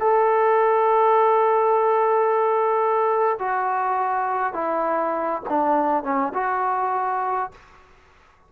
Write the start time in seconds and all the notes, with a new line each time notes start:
0.00 A4
3.39 F#4
4.54 E4
5.49 D4
6.03 C#4
6.34 F#4